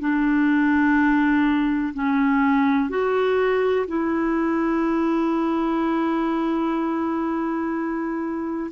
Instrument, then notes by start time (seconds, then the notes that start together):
clarinet
0.00 D4
1.94 C#4
2.90 F#4
3.88 E4